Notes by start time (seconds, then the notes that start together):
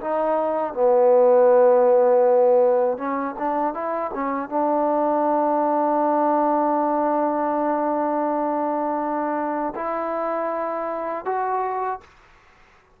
0.00 D#4
0.73 B3
2.97 C#4
3.38 D4
3.73 E4
4.14 C#4
4.49 D4
9.75 E4
11.25 F#4